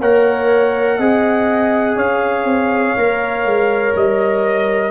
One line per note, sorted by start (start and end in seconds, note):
0.00 0.99 A#3
0.00 1.01 A#4
0.00 0.98 C#5
0.00 1.99 F#5
0.99 1.96 C4
0.99 2.98 G#4
0.99 1.97 D#5
1.96 2.45 C#4
1.96 4.92 C#5
1.96 3.95 F5
2.45 2.94 C4
2.97 3.45 A#3
2.97 4.92 A#4
3.45 3.95 G#3
3.95 4.92 G3
3.95 4.92 D#5